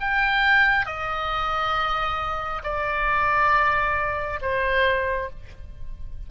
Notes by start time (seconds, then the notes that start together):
0.00 G5
0.86 D#5
2.64 D5
4.42 C5